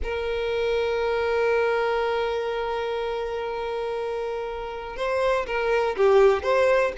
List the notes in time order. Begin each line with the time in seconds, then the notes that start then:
0.03 A#4
4.96 C5
5.46 A#4
5.96 G4
6.43 C5